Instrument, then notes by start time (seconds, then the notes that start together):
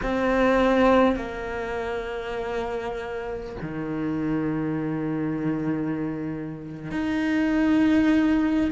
cello
0.02 C4
1.16 A#3
3.62 D#3
6.91 D#4